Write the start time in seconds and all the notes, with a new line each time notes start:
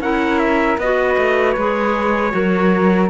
0.00 C#4 E4 A#4 F#5
0.39 E5
0.78 B3 F#4 B4 D#5
1.18 A3
1.52 G#3 G#4 C#5
2.31 F#3 F#4 A#4